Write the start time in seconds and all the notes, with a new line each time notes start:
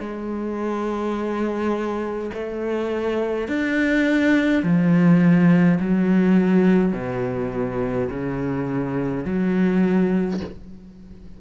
0.00 G#3
2.33 A3
3.48 D4
4.63 F3
5.80 F#3
6.93 B2
8.10 C#3
9.25 F#3